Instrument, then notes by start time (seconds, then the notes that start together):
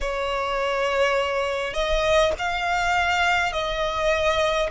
violin
0.00 C#5
1.73 D#5
2.38 F5
3.52 D#5